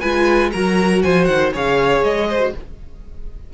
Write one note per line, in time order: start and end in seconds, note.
0.00 0.53 G#3
0.00 0.53 F4
0.00 0.51 B4
0.00 0.50 G#5
0.52 1.04 F#3
0.52 1.53 F#4
0.52 1.02 A#4
0.52 1.02 A#5
1.02 1.27 F3
1.02 1.53 C5
1.02 1.25 G#5
1.25 1.52 D#3
1.25 1.50 F#5
1.53 2.02 C#3
1.53 2.38 G#4
1.53 2.28 C#5
1.53 2.03 F5
2.02 2.52 G#3
2.02 2.53 D#5
2.29 2.54 C5
2.38 2.51 F#4